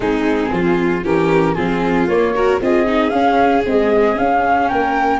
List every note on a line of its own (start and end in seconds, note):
0.00 0.51 G#3
0.00 1.04 C4
0.00 0.51 D#4
0.00 1.03 G#4
0.51 1.03 F3
0.51 1.04 F4
1.03 1.55 E3
1.03 1.56 C#4
1.03 1.55 G4
1.03 1.54 A#4
1.54 2.07 F3
1.54 2.08 C4
1.54 2.33 F4
1.54 2.06 G#4
2.07 2.59 A#3
2.07 2.34 A#3
2.07 2.60 C#5
2.34 2.60 F#4
2.34 2.61 A#4
2.60 3.11 C4
2.60 2.86 F4
2.60 4.68 G#4
2.60 3.10 D#5
2.86 3.10 D#4
3.10 3.63 C#4
3.10 3.62 F5
3.65 4.15 G#3
3.65 4.17 C4
3.65 4.17 D#5
4.15 5.20 C#4
4.15 4.71 C#4
4.15 4.68 F5
4.68 5.20 A#3
4.68 5.20 A#4
4.68 5.20 G5